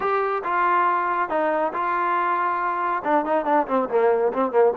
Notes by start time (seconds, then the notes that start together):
0.00 G4
0.43 F4
1.29 D#4
1.73 F4
3.04 D4
3.25 D#4
3.45 D4
3.67 C4
3.89 A#3
4.33 C4
4.51 A#3